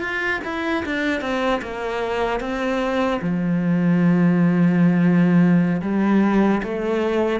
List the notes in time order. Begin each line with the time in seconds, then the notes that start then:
0.00 F4
0.44 E4
0.85 D4
1.21 C4
1.62 A#3
2.40 C4
3.21 F3
5.82 G3
6.63 A3